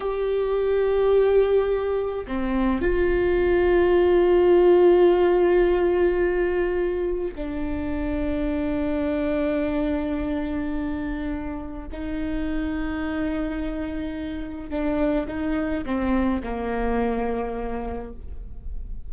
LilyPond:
\new Staff \with { instrumentName = "viola" } { \time 4/4 \tempo 4 = 106 g'1 | c'4 f'2.~ | f'1~ | f'4 d'2.~ |
d'1~ | d'4 dis'2.~ | dis'2 d'4 dis'4 | c'4 ais2. | }